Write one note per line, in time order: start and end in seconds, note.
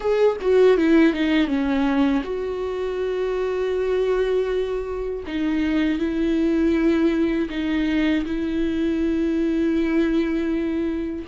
0.00 0.36 G#4
0.41 0.77 F#4
0.77 1.13 E4
1.13 1.47 D#4
1.47 2.22 C#4
2.23 5.23 F#4
5.27 5.98 D#4
5.98 7.48 E4
7.49 8.24 D#4
8.25 11.25 E4